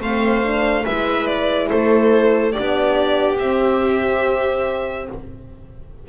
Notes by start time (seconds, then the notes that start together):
0.00 A3 C4 C5 F5
0.43 D4
0.83 G#3 E4 B4 E5
1.26 D5
1.69 A3 A4 C5
2.52 D4 G4 D5
2.58 B3
3.38 C4 E5